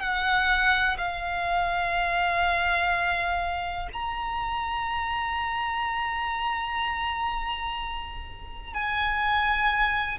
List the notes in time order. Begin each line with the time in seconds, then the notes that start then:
0.00 F#5
0.98 F5
3.93 A#5
8.74 G#5